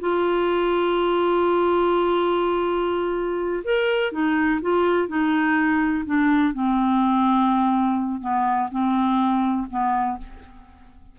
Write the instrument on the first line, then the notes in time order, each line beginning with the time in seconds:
clarinet
0.00 F4
3.64 A#4
4.12 D#4
4.61 F4
5.08 D#4
6.05 D4
6.53 C4
8.21 B3
8.71 C4
9.69 B3